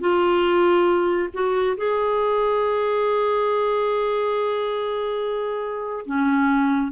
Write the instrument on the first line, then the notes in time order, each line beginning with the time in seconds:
clarinet
0.00 F4
1.33 F#4
1.76 G#4
6.05 C#4